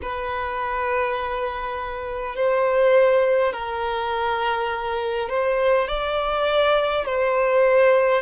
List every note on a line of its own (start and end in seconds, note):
0.02 2.35 B4
2.35 3.52 C5
3.52 5.29 A#4
5.29 5.88 C5
5.88 7.05 D5
7.05 8.22 C5